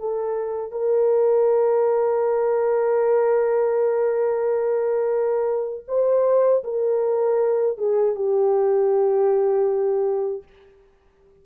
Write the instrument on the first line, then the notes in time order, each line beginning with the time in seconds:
horn
0.00 A4
0.72 A#4
5.88 C5
6.64 A#4
7.78 G#4
8.16 G4